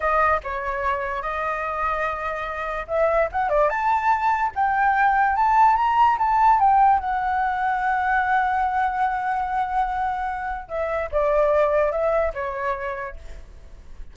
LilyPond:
\new Staff \with { instrumentName = "flute" } { \time 4/4 \tempo 4 = 146 dis''4 cis''2 dis''4~ | dis''2. e''4 | fis''8 d''8 a''2 g''4~ | g''4 a''4 ais''4 a''4 |
g''4 fis''2.~ | fis''1~ | fis''2 e''4 d''4~ | d''4 e''4 cis''2 | }